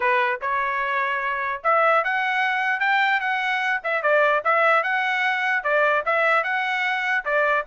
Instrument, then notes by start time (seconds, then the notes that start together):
trumpet
0.00 B4
0.41 C#5
1.63 E5
2.04 F#5
2.80 G5
3.20 F#5
3.83 E5
4.02 D5
4.44 E5
4.83 F#5
5.63 D5
6.05 E5
6.43 F#5
7.24 D5